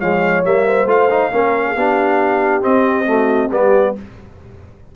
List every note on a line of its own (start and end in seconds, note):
0.00 0.45 F3
0.00 0.44 G#3
0.00 0.66 C#5
0.00 0.44 F5
0.44 0.86 G3
0.44 0.87 A#3
0.44 0.89 E5
0.66 1.32 C5
0.86 1.30 A3
0.86 1.09 F4
0.86 2.64 F5
1.10 1.32 D#4
1.33 1.76 A#3
1.33 1.77 C#4
1.33 1.67 A#4
1.68 1.77 G#4
1.76 2.64 B3
1.76 2.62 D4
1.76 3.08 G4
2.62 3.06 C4
2.62 3.51 C4
2.62 3.51 D#5
3.06 3.49 A3
3.06 3.50 F#4
3.50 3.95 G3
3.50 3.96 B3
3.50 3.93 G4
3.50 3.96 D5